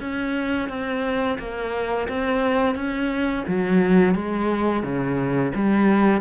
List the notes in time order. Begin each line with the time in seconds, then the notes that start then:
0.00 C#4
0.69 C4
1.39 A#3
2.08 C4
2.75 C#4
3.47 F#3
4.14 G#3
4.83 C#3
5.55 G3